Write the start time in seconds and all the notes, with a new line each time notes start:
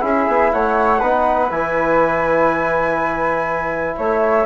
0.00 C#4 E4 G#4 E5
0.28 B3
0.52 A3 C#5 F#5
1.00 B3 D#4 B4
1.51 E3 E4 G#5
3.98 A3 C#5 E5